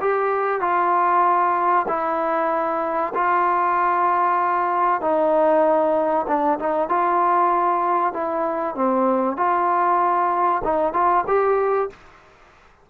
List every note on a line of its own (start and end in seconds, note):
0.00 0.61 G4
0.61 1.86 F4
1.88 3.13 E4
3.14 5.01 F4
5.01 6.26 D#4
6.27 6.59 D4
6.59 6.89 D#4
6.89 8.13 F4
8.13 8.75 E4
8.75 9.36 C4
9.36 10.61 F4
10.64 10.93 D#4
10.93 11.24 F4
11.27 11.89 G4